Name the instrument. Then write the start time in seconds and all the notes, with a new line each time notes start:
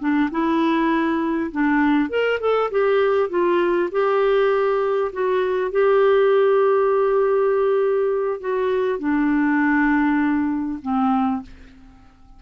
clarinet
0.00 D4
0.31 E4
1.52 D4
2.10 A#4
2.41 A4
2.71 G4
3.30 F4
3.92 G4
5.13 F#4
5.72 G4
8.41 F#4
8.99 D4
10.82 C4